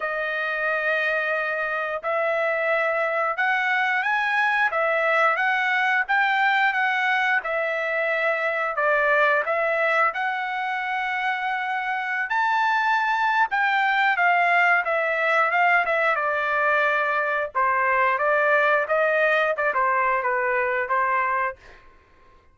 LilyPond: \new Staff \with { instrumentName = "trumpet" } { \time 4/4 \tempo 4 = 89 dis''2. e''4~ | e''4 fis''4 gis''4 e''4 | fis''4 g''4 fis''4 e''4~ | e''4 d''4 e''4 fis''4~ |
fis''2~ fis''16 a''4.~ a''16 | g''4 f''4 e''4 f''8 e''8 | d''2 c''4 d''4 | dis''4 d''16 c''8. b'4 c''4 | }